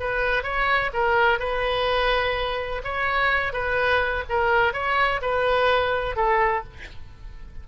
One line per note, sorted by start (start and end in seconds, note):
0.00 0.43 B4
0.43 0.91 C#5
0.94 1.39 A#4
1.39 2.82 B4
2.84 3.53 C#5
3.53 4.24 B4
4.29 4.73 A#4
4.73 5.21 C#5
5.21 6.16 B4
6.16 6.64 A4